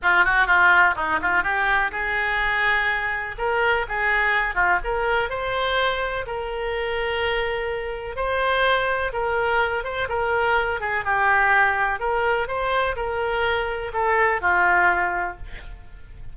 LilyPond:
\new Staff \with { instrumentName = "oboe" } { \time 4/4 \tempo 4 = 125 f'8 fis'8 f'4 dis'8 f'8 g'4 | gis'2. ais'4 | gis'4. f'8 ais'4 c''4~ | c''4 ais'2.~ |
ais'4 c''2 ais'4~ | ais'8 c''8 ais'4. gis'8 g'4~ | g'4 ais'4 c''4 ais'4~ | ais'4 a'4 f'2 | }